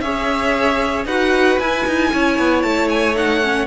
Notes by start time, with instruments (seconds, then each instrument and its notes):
0.00 cello C#4, viola G#4, violin C#5 E5
1.05 cello D#4, viola F#4, violin B4 F#5
1.59 cello E4, viola E4, violin G#5
1.86 cello D#4
2.13 cello C#4, violin C#5
2.38 cello B3
2.62 cello A3, violin A5
2.89 violin G#5
3.14 viola D#4, violin F#5
3.43 viola C#4